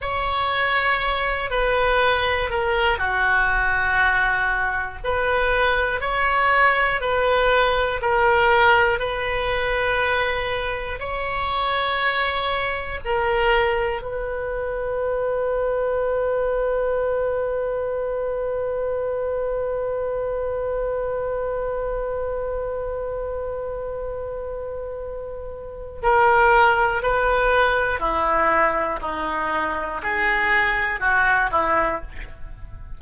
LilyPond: \new Staff \with { instrumentName = "oboe" } { \time 4/4 \tempo 4 = 60 cis''4. b'4 ais'8 fis'4~ | fis'4 b'4 cis''4 b'4 | ais'4 b'2 cis''4~ | cis''4 ais'4 b'2~ |
b'1~ | b'1~ | b'2 ais'4 b'4 | e'4 dis'4 gis'4 fis'8 e'8 | }